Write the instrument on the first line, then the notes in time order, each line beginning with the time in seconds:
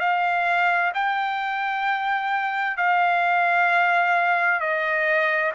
trumpet
0.00 F5
0.94 G5
2.77 F5
4.60 D#5